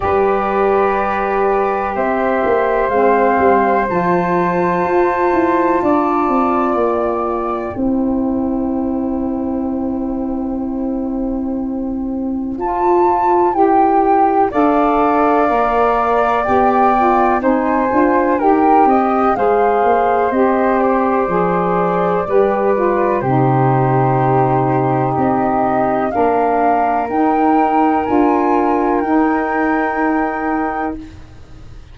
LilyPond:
<<
  \new Staff \with { instrumentName = "flute" } { \time 4/4 \tempo 4 = 62 d''2 e''4 f''4 | a''2. g''4~ | g''1~ | g''4 a''4 g''4 f''4~ |
f''4 g''4 gis''4 g''4 | f''4 dis''8 d''2~ d''8 | c''2 dis''4 f''4 | g''4 gis''4 g''2 | }
  \new Staff \with { instrumentName = "flute" } { \time 4/4 b'2 c''2~ | c''2 d''2 | c''1~ | c''2. d''4~ |
d''2 c''4 ais'8 dis''8 | c''2. b'4 | g'2. ais'4~ | ais'1 | }
  \new Staff \with { instrumentName = "saxophone" } { \time 4/4 g'2. c'4 | f'1 | e'1~ | e'4 f'4 g'4 a'4 |
ais'4 g'8 f'8 dis'8 f'8 g'4 | gis'4 g'4 gis'4 g'8 f'8 | dis'2. d'4 | dis'4 f'4 dis'2 | }
  \new Staff \with { instrumentName = "tuba" } { \time 4/4 g2 c'8 ais8 gis8 g8 | f4 f'8 e'8 d'8 c'8 ais4 | c'1~ | c'4 f'4 e'4 d'4 |
ais4 b4 c'8 d'8 dis'8 c'8 | gis8 ais8 c'4 f4 g4 | c2 c'4 ais4 | dis'4 d'4 dis'2 | }
>>